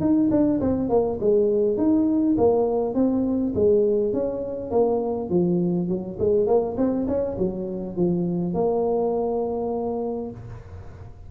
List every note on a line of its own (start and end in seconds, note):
0.00 0.29 D#4
0.30 0.60 D4
0.60 0.89 C4
0.89 1.18 A#3
1.20 1.77 G#3
1.77 2.36 D#4
2.37 2.94 A#3
2.94 3.53 C4
3.54 4.13 G#3
4.13 4.71 C#4
4.71 5.29 A#3
5.29 5.88 F3
5.88 6.17 F#3
6.19 6.47 G#3
6.47 6.76 A#3
6.77 7.06 C4
7.07 7.37 C#4
7.38 7.96 F#3
7.96 8.54 F3
8.54 10.30 A#3